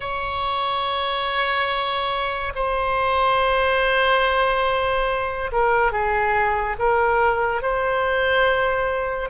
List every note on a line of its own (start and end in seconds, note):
0.00 2.52 C#5
2.55 5.51 C5
5.52 5.92 A#4
5.92 6.76 G#4
6.78 7.61 A#4
7.61 9.29 C5